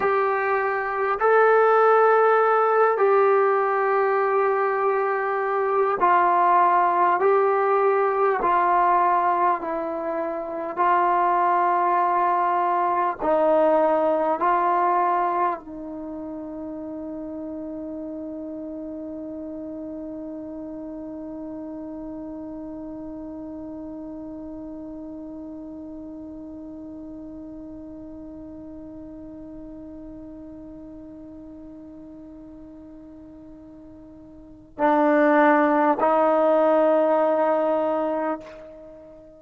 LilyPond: \new Staff \with { instrumentName = "trombone" } { \time 4/4 \tempo 4 = 50 g'4 a'4. g'4.~ | g'4 f'4 g'4 f'4 | e'4 f'2 dis'4 | f'4 dis'2.~ |
dis'1~ | dis'1~ | dis'1~ | dis'4 d'4 dis'2 | }